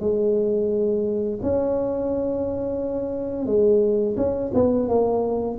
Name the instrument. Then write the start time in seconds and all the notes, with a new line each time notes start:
tuba
0.00 G#3
1.43 C#4
3.46 G#3
4.17 C#4
4.54 B3
4.88 A#3